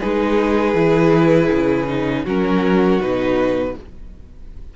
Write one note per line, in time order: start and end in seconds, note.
0.00 0.75 G#3
0.00 0.75 D#4
0.00 2.24 G#4
0.00 2.25 B4
0.75 1.50 E3
0.75 1.88 E4
1.52 2.26 C#3
1.88 2.25 D#4
2.24 3.00 F#3
2.24 3.00 C#4
2.24 3.74 F#4
2.24 3.02 A#4
3.00 3.75 B2
3.00 3.75 D#4
3.00 3.77 B4